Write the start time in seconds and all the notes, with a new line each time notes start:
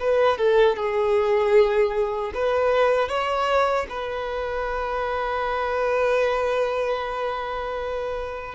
0.00 B4
0.38 A4
0.77 G#4
2.35 B4
3.09 C#5
3.90 B4